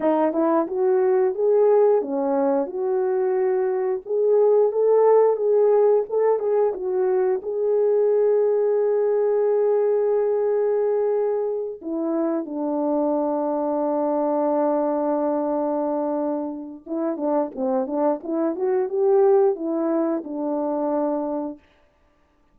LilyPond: \new Staff \with { instrumentName = "horn" } { \time 4/4 \tempo 4 = 89 dis'8 e'8 fis'4 gis'4 cis'4 | fis'2 gis'4 a'4 | gis'4 a'8 gis'8 fis'4 gis'4~ | gis'1~ |
gis'4. e'4 d'4.~ | d'1~ | d'4 e'8 d'8 c'8 d'8 e'8 fis'8 | g'4 e'4 d'2 | }